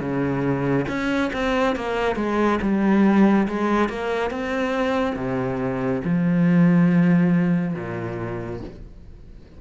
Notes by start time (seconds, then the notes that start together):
0.00 C#3
0.88 C#4
1.33 C4
1.75 A#3
2.15 G#3
2.61 G3
3.48 G#3
3.89 A#3
4.30 C4
5.15 C3
6.04 F3
7.74 A#2